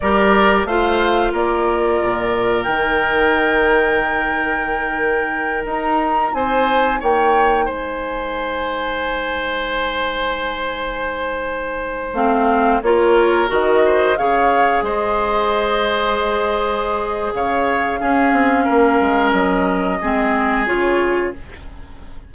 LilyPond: <<
  \new Staff \with { instrumentName = "flute" } { \time 4/4 \tempo 4 = 90 d''4 f''4 d''2 | g''1~ | g''8 ais''4 gis''4 g''4 gis''8~ | gis''1~ |
gis''2~ gis''16 f''4 cis''8.~ | cis''16 dis''4 f''4 dis''4.~ dis''16~ | dis''2 f''2~ | f''4 dis''2 cis''4 | }
  \new Staff \with { instrumentName = "oboe" } { \time 4/4 ais'4 c''4 ais'2~ | ais'1~ | ais'4. c''4 cis''4 c''8~ | c''1~ |
c''2.~ c''16 ais'8.~ | ais'8. c''8 cis''4 c''4.~ c''16~ | c''2 cis''4 gis'4 | ais'2 gis'2 | }
  \new Staff \with { instrumentName = "clarinet" } { \time 4/4 g'4 f'2. | dis'1~ | dis'1~ | dis'1~ |
dis'2~ dis'16 c'4 f'8.~ | f'16 fis'4 gis'2~ gis'8.~ | gis'2. cis'4~ | cis'2 c'4 f'4 | }
  \new Staff \with { instrumentName = "bassoon" } { \time 4/4 g4 a4 ais4 ais,4 | dis1~ | dis8 dis'4 c'4 ais4 gis8~ | gis1~ |
gis2~ gis16 a4 ais8.~ | ais16 dis4 cis4 gis4.~ gis16~ | gis2 cis4 cis'8 c'8 | ais8 gis8 fis4 gis4 cis4 | }
>>